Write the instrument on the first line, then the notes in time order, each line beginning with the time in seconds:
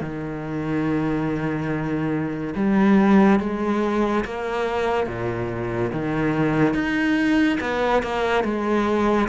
cello
0.00 D#3
2.55 G3
3.40 G#3
4.24 A#3
5.06 A#2
5.92 D#3
6.74 D#4
7.60 B3
8.02 A#3
8.44 G#3